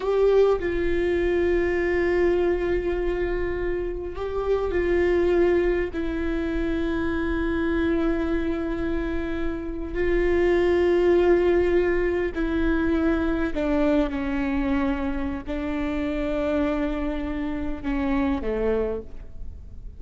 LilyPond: \new Staff \with { instrumentName = "viola" } { \time 4/4 \tempo 4 = 101 g'4 f'2.~ | f'2. g'4 | f'2 e'2~ | e'1~ |
e'8. f'2.~ f'16~ | f'8. e'2 d'4 cis'16~ | cis'2 d'2~ | d'2 cis'4 a4 | }